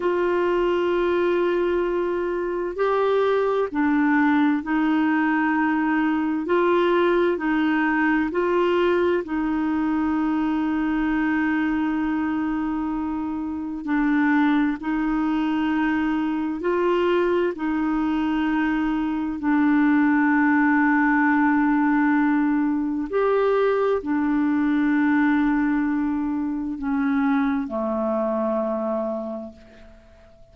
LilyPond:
\new Staff \with { instrumentName = "clarinet" } { \time 4/4 \tempo 4 = 65 f'2. g'4 | d'4 dis'2 f'4 | dis'4 f'4 dis'2~ | dis'2. d'4 |
dis'2 f'4 dis'4~ | dis'4 d'2.~ | d'4 g'4 d'2~ | d'4 cis'4 a2 | }